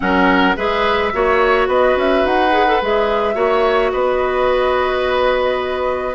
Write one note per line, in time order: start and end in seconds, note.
0.00 0.57 F#3
0.00 0.54 C#4
0.00 0.56 A#4
0.00 0.56 F#5
0.55 1.13 G#3
0.55 1.12 G#4
0.55 1.12 B4
0.55 1.69 E5
1.12 1.67 A#3
1.12 2.51 F#4
1.12 1.68 C#5
1.67 1.95 B3
1.67 3.35 B4
1.67 1.97 D#5
1.96 2.24 C#4
1.96 2.25 E5
2.24 2.80 D#4
2.24 2.82 F#5
2.51 2.65 G#4
2.67 2.81 A4
2.81 3.35 G#3
2.81 3.33 G#4
2.81 3.91 E5
3.33 3.91 A#3
3.33 6.14 F#4
3.33 3.91 C#5
3.91 6.15 B3
3.91 6.15 B4
3.91 6.15 D#5